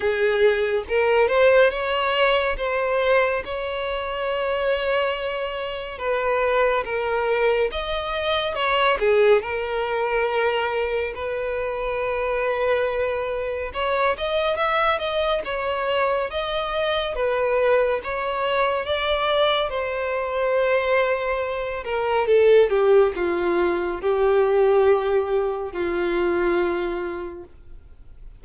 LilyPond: \new Staff \with { instrumentName = "violin" } { \time 4/4 \tempo 4 = 70 gis'4 ais'8 c''8 cis''4 c''4 | cis''2. b'4 | ais'4 dis''4 cis''8 gis'8 ais'4~ | ais'4 b'2. |
cis''8 dis''8 e''8 dis''8 cis''4 dis''4 | b'4 cis''4 d''4 c''4~ | c''4. ais'8 a'8 g'8 f'4 | g'2 f'2 | }